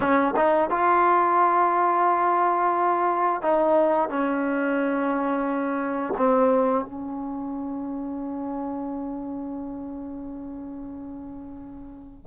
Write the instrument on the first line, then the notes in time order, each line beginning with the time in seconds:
trombone
0.00 C#4
0.36 D#4
0.70 F4
3.42 D#4
4.09 C#4
6.16 C4
6.84 C#4